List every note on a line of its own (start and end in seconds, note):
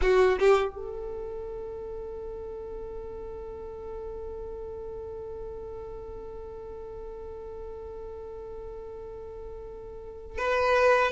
0.01 0.38 F#4
0.39 0.75 G4
0.75 10.37 A4
10.37 11.11 B4